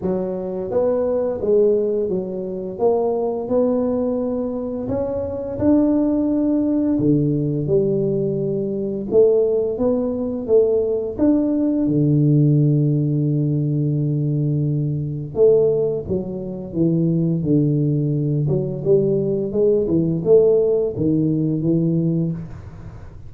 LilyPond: \new Staff \with { instrumentName = "tuba" } { \time 4/4 \tempo 4 = 86 fis4 b4 gis4 fis4 | ais4 b2 cis'4 | d'2 d4 g4~ | g4 a4 b4 a4 |
d'4 d2.~ | d2 a4 fis4 | e4 d4. fis8 g4 | gis8 e8 a4 dis4 e4 | }